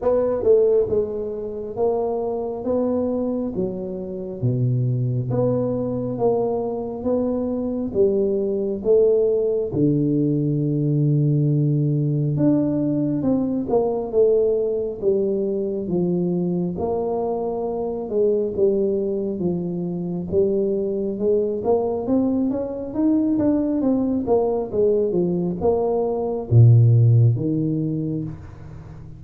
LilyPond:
\new Staff \with { instrumentName = "tuba" } { \time 4/4 \tempo 4 = 68 b8 a8 gis4 ais4 b4 | fis4 b,4 b4 ais4 | b4 g4 a4 d4~ | d2 d'4 c'8 ais8 |
a4 g4 f4 ais4~ | ais8 gis8 g4 f4 g4 | gis8 ais8 c'8 cis'8 dis'8 d'8 c'8 ais8 | gis8 f8 ais4 ais,4 dis4 | }